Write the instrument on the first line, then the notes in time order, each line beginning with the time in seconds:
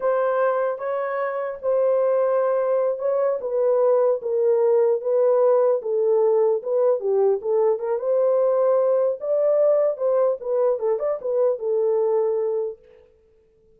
horn
0.00 C5
0.78 C#5
1.61 C5
2.98 C#5
3.40 B4
4.21 A#4
5.01 B4
5.82 A4
6.62 B4
7.00 G4
7.41 A4
7.79 A#4
7.98 C5
9.20 D5
9.97 C5
10.40 B4
10.79 A4
10.99 D5
11.21 B4
11.58 A4